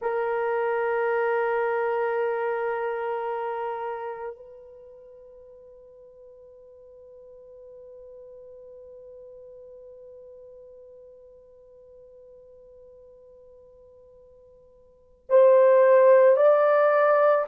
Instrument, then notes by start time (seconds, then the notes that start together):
horn
0.01 A#4
4.35 B4
15.29 C5
16.36 D5